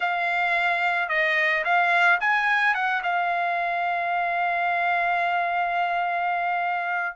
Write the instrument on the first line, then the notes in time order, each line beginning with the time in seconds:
trumpet
0.00 F5
1.08 D#5
1.64 F5
2.20 G#5
2.74 F#5
3.03 F5